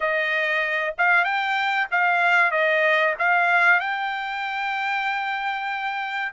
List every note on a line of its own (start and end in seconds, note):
0.00 0.94 D#5
0.98 1.24 F5
1.24 1.87 G5
1.91 2.51 F5
2.51 3.14 D#5
3.18 3.80 F5
3.80 6.32 G5